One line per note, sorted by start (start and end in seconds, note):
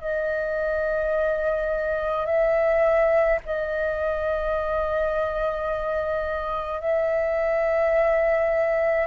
0.00 2.25 D#5
2.25 3.39 E5
3.45 6.80 D#5
6.80 9.07 E5